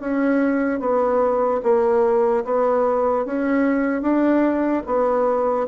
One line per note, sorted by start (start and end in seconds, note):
0.00 0.80 C#4
0.80 1.61 B3
1.63 2.44 A#3
2.44 3.25 B3
3.25 4.02 C#4
4.02 4.83 D4
4.86 5.67 B3